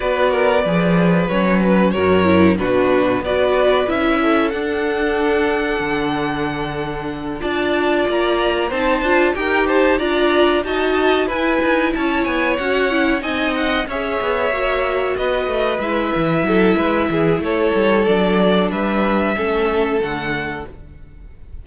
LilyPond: <<
  \new Staff \with { instrumentName = "violin" } { \time 4/4 \tempo 4 = 93 d''2 cis''8 b'8 cis''4 | b'4 d''4 e''4 fis''4~ | fis''2.~ fis''8 a''8~ | a''8 ais''4 a''4 g''8 a''8 ais''8~ |
ais''8 a''4 gis''4 a''8 gis''8 fis''8~ | fis''8 gis''8 fis''8 e''2 dis''8~ | dis''8 e''2~ e''8 cis''4 | d''4 e''2 fis''4 | }
  \new Staff \with { instrumentName = "violin" } { \time 4/4 b'8 ais'8 b'2 ais'4 | fis'4 b'4. a'4.~ | a'2.~ a'8 d''8~ | d''4. c''4 ais'8 c''8 d''8~ |
d''8 dis''4 b'4 cis''4.~ | cis''8 dis''4 cis''2 b'8~ | b'4. a'8 b'8 gis'8 a'4~ | a'4 b'4 a'2 | }
  \new Staff \with { instrumentName = "viola" } { \time 4/4 fis'4 gis'4 cis'4 fis'8 e'8 | d'4 fis'4 e'4 d'4~ | d'2.~ d'8 f'8~ | f'4. dis'8 f'8 g'4 f'8~ |
f'8 fis'4 e'2 fis'8 | e'8 dis'4 gis'4 fis'4.~ | fis'8 e'2.~ e'8 | d'2 cis'4 a4 | }
  \new Staff \with { instrumentName = "cello" } { \time 4/4 b4 f4 fis4 fis,4 | b,4 b4 cis'4 d'4~ | d'4 d2~ d8 d'8~ | d'8 ais4 c'8 d'8 dis'4 d'8~ |
d'8 dis'4 e'8 dis'8 cis'8 b8 cis'8~ | cis'8 c'4 cis'8 b8 ais4 b8 | a8 gis8 e8 fis8 gis8 e8 a8 g8 | fis4 g4 a4 d4 | }
>>